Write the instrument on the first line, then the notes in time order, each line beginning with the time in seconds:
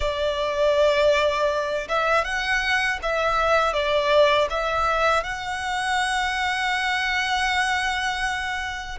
violin
0.00 D5
1.88 E5
2.24 F#5
3.02 E5
3.73 D5
4.50 E5
5.23 F#5